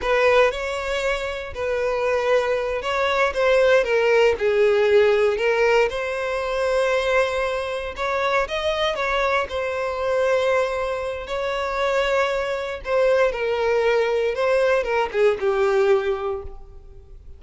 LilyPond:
\new Staff \with { instrumentName = "violin" } { \time 4/4 \tempo 4 = 117 b'4 cis''2 b'4~ | b'4. cis''4 c''4 ais'8~ | ais'8 gis'2 ais'4 c''8~ | c''2.~ c''8 cis''8~ |
cis''8 dis''4 cis''4 c''4.~ | c''2 cis''2~ | cis''4 c''4 ais'2 | c''4 ais'8 gis'8 g'2 | }